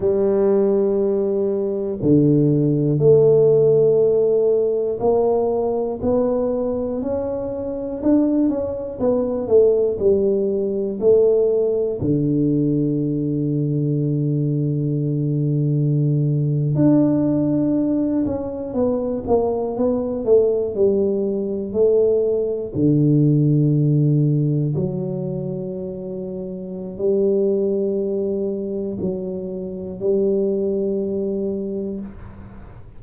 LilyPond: \new Staff \with { instrumentName = "tuba" } { \time 4/4 \tempo 4 = 60 g2 d4 a4~ | a4 ais4 b4 cis'4 | d'8 cis'8 b8 a8 g4 a4 | d1~ |
d8. d'4. cis'8 b8 ais8 b16~ | b16 a8 g4 a4 d4~ d16~ | d8. fis2~ fis16 g4~ | g4 fis4 g2 | }